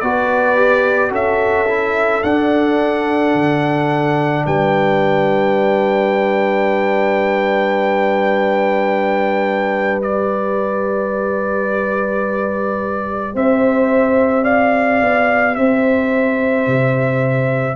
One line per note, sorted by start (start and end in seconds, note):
0.00 1.11 B3
0.00 0.56 F#4
0.00 1.11 B4
0.00 1.11 D5
0.56 1.09 G4
1.09 2.22 C#4
1.09 1.65 F#4
1.09 4.44 A4
1.09 2.23 E5
1.68 2.23 E4
2.23 3.34 D4
2.23 10.02 D4
2.23 4.45 F#5
3.34 4.45 D3
4.46 13.34 G3
4.46 13.34 B4
4.46 10.01 G5
10.02 17.76 G4
10.02 13.35 D5
13.34 15.01 C4
13.34 14.44 C5
13.34 14.44 E5
14.44 15.55 D5
14.44 15.55 F5
15.02 15.57 B3
15.55 16.67 C4
15.55 17.76 C5
15.55 17.76 E5
16.67 17.76 C3